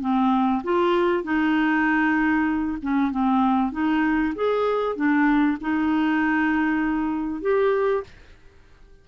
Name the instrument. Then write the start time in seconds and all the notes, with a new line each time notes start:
clarinet
0.00 C4
0.63 F4
1.23 D#4
2.82 C#4
3.11 C4
3.72 D#4
4.35 G#4
4.96 D4
5.60 D#4
7.41 G4